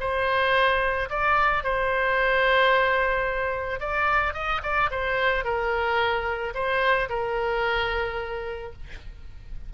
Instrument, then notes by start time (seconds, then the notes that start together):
oboe
0.00 C5
1.10 D5
1.64 C5
3.80 D5
4.34 D#5
4.63 D5
4.91 C5
5.45 A#4
6.54 C5
7.09 A#4